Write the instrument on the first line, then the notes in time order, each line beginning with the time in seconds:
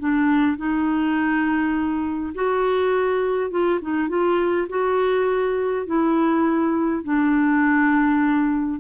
clarinet
0.00 D4
0.58 D#4
2.35 F#4
3.51 F4
3.82 D#4
4.09 F4
4.69 F#4
5.87 E4
7.04 D4